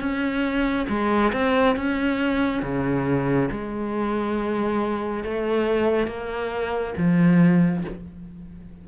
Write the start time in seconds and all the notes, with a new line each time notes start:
0.00 C#4
0.89 G#3
1.33 C4
1.76 C#4
2.62 C#3
3.51 G#3
5.24 A3
6.07 A#3
6.97 F3